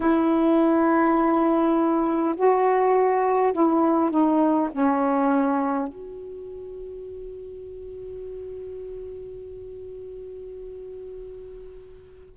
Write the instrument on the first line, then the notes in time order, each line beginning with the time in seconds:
saxophone
0.00 E4
2.35 F#4
3.52 E4
4.10 D#4
4.71 C#4
5.88 F#4